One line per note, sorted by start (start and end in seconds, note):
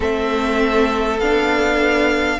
0.00 1.19 A3
0.00 1.18 C4
0.00 2.38 A4
0.00 1.19 E5
1.19 2.39 B3
1.19 2.39 D4
1.19 2.39 F5